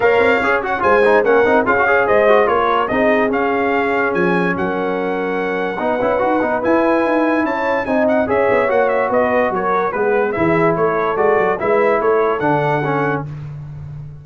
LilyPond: <<
  \new Staff \with { instrumentName = "trumpet" } { \time 4/4 \tempo 4 = 145 f''4. fis''8 gis''4 fis''4 | f''4 dis''4 cis''4 dis''4 | f''2 gis''4 fis''4~ | fis''1 |
gis''2 a''4 gis''8 fis''8 | e''4 fis''8 e''8 dis''4 cis''4 | b'4 e''4 cis''4 d''4 | e''4 cis''4 fis''2 | }
  \new Staff \with { instrumentName = "horn" } { \time 4/4 cis''2 c''4 ais'4 | gis'8 cis''8 c''4 ais'4 gis'4~ | gis'2. ais'4~ | ais'2 b'2~ |
b'2 cis''4 dis''4 | cis''2 b'4 ais'4 | b'4 gis'4 a'2 | b'4 a'2. | }
  \new Staff \with { instrumentName = "trombone" } { \time 4/4 ais'4 gis'8 fis'8 f'8 dis'8 cis'8 dis'8 | f'16 fis'16 gis'4 fis'8 f'4 dis'4 | cis'1~ | cis'2 dis'8 e'8 fis'8 dis'8 |
e'2. dis'4 | gis'4 fis'2. | b4 e'2 fis'4 | e'2 d'4 cis'4 | }
  \new Staff \with { instrumentName = "tuba" } { \time 4/4 ais8 c'8 cis'4 gis4 ais8 c'8 | cis'4 gis4 ais4 c'4 | cis'2 f4 fis4~ | fis2 b8 cis'8 dis'8 b8 |
e'4 dis'4 cis'4 c'4 | cis'8 b8 ais4 b4 fis4 | gis4 e4 a4 gis8 fis8 | gis4 a4 d2 | }
>>